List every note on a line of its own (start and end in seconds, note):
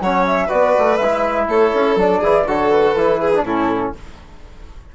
0.00 0.49 F#3
0.00 0.49 C#4
0.00 0.47 C#5
0.00 0.25 F#5
0.26 0.50 E5
0.47 0.76 B3
0.47 0.98 F#4
0.47 1.45 B4
0.47 0.97 D5
0.78 1.00 A3
0.97 1.48 G#3
0.97 1.46 E5
1.03 1.99 E4
1.48 1.73 A3
1.48 2.20 A4
1.48 1.99 C#5
1.74 1.96 C#4
1.96 2.20 F#3
1.96 2.23 D4
1.96 2.49 D5
2.20 2.46 E3
2.20 2.47 E4
2.20 2.44 G#4
2.46 2.95 D3
2.46 2.96 F#4
2.46 3.20 A4
2.46 2.71 C#5
2.71 3.45 B4
2.95 3.43 E3
2.95 3.33 E4
3.20 3.45 G#4
3.34 3.46 D4
3.43 3.92 A2
3.43 3.95 C#4
3.43 3.95 E4
3.43 3.94 A4